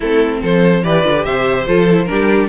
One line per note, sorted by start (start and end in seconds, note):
0.00 0.42 A3
0.00 0.83 C4
0.00 0.38 E4
0.00 0.42 A4
0.41 0.84 F3
0.41 0.83 A4
0.41 0.84 C5
0.83 1.04 E3
0.83 1.04 G4
0.83 1.25 B4
0.83 1.23 D5
1.04 1.25 D3
1.04 1.15 F4
1.15 1.66 G4
1.23 1.67 C3
1.23 2.08 C5
1.23 1.65 E5
1.66 2.09 F3
1.66 1.87 F4
1.66 2.05 A4
1.90 2.07 E4
2.05 2.49 D4
2.05 2.49 G4
2.05 2.47 A#4
2.11 2.49 G3